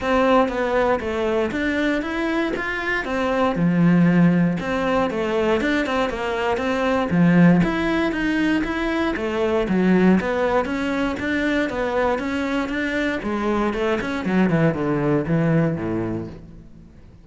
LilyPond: \new Staff \with { instrumentName = "cello" } { \time 4/4 \tempo 4 = 118 c'4 b4 a4 d'4 | e'4 f'4 c'4 f4~ | f4 c'4 a4 d'8 c'8 | ais4 c'4 f4 e'4 |
dis'4 e'4 a4 fis4 | b4 cis'4 d'4 b4 | cis'4 d'4 gis4 a8 cis'8 | fis8 e8 d4 e4 a,4 | }